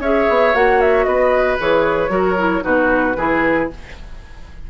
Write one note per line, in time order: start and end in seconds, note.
0.00 0.26 C#4
0.00 0.55 G#4
0.00 1.06 C#5
0.00 0.55 E5
0.29 0.55 B3
0.55 1.06 A#3
0.55 1.59 F#4
0.55 0.81 F#5
0.81 1.05 E5
1.05 1.59 B3
1.05 2.12 B4
1.05 1.57 D#5
1.59 2.10 E3
1.59 2.09 G#4
1.59 2.65 C#5
2.09 2.62 F#3
2.09 2.36 F#4
2.09 2.64 A#4
2.38 2.62 E4
2.62 3.17 B2
2.62 3.14 D#4
2.62 3.17 F#4
2.62 3.70 B4
3.17 3.69 E3
3.17 3.71 E4
3.17 3.71 G#4